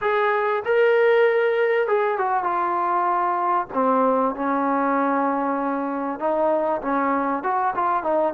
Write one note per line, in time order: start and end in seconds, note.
0.01 0.63 G#4
0.65 1.87 A#4
1.87 2.18 G#4
2.18 2.43 F#4
2.43 3.67 F4
3.73 4.35 C4
4.35 6.19 C#4
6.19 6.81 D#4
6.81 7.43 C#4
7.43 7.74 F#4
7.75 8.03 F4
8.03 8.33 D#4